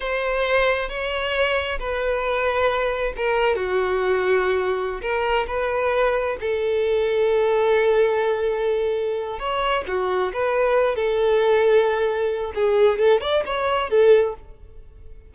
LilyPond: \new Staff \with { instrumentName = "violin" } { \time 4/4 \tempo 4 = 134 c''2 cis''2 | b'2. ais'4 | fis'2.~ fis'16 ais'8.~ | ais'16 b'2 a'4.~ a'16~ |
a'1~ | a'4 cis''4 fis'4 b'4~ | b'8 a'2.~ a'8 | gis'4 a'8 d''8 cis''4 a'4 | }